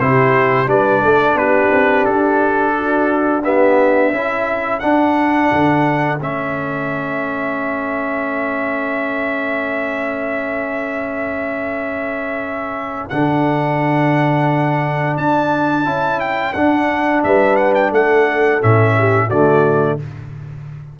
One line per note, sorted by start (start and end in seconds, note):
0.00 0.67 C3
0.00 0.66 E4
0.00 0.70 G4
0.00 0.69 C5
0.66 1.01 G3
0.66 3.42 D4
0.66 1.03 B4
0.66 1.38 D5
1.03 1.34 A3
1.03 1.37 A4
1.34 1.69 B3
1.34 2.75 G4
1.34 2.05 B4
1.72 2.06 C4
2.05 4.13 D4
2.05 3.43 A4
2.78 3.44 F#4
3.44 4.14 B3
3.44 4.13 G4
3.44 4.80 E5
4.13 4.82 C#4
4.13 4.81 E4
4.13 17.23 A4
4.80 6.19 D4
4.80 5.52 D4
4.80 6.18 F#5
5.52 6.21 D3
6.21 13.11 A3
6.21 13.11 C#4
6.21 13.10 E5
13.10 15.17 D3
13.10 15.85 D4
13.10 15.17 F#5
15.17 15.86 D4
15.17 16.20 A5
15.85 16.55 C#4
15.85 16.54 E4
16.20 16.53 G5
16.53 17.24 D4
16.53 18.61 D4
16.53 17.22 F#5
17.24 17.92 G3
17.24 17.92 B4
17.24 17.56 E5
17.56 17.73 F#5
17.75 17.92 G5
17.92 18.61 A3
17.92 18.95 A4
17.92 18.62 F#5
18.61 19.30 A2
18.61 19.30 C#4
18.61 19.30 E5
18.98 19.27 G4
19.27 19.99 D3
19.27 20.00 A3
19.27 19.96 F#4
19.27 19.99 D5